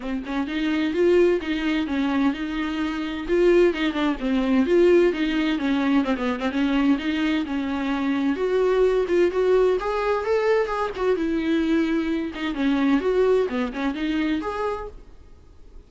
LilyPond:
\new Staff \with { instrumentName = "viola" } { \time 4/4 \tempo 4 = 129 c'8 cis'8 dis'4 f'4 dis'4 | cis'4 dis'2 f'4 | dis'8 d'8 c'4 f'4 dis'4 | cis'4 c'16 b8 c'16 cis'4 dis'4 |
cis'2 fis'4. f'8 | fis'4 gis'4 a'4 gis'8 fis'8 | e'2~ e'8 dis'8 cis'4 | fis'4 b8 cis'8 dis'4 gis'4 | }